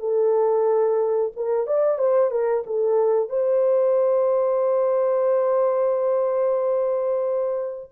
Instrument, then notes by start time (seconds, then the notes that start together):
horn
0.00 A4
1.36 A#4
1.67 D5
1.99 C5
2.31 A#4
2.67 A4
3.30 C5